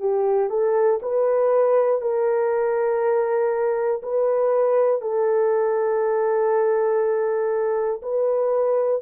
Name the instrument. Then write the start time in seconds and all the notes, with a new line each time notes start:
horn
0.00 G4
0.50 A4
1.02 B4
2.01 A#4
4.03 B4
5.01 A4
8.02 B4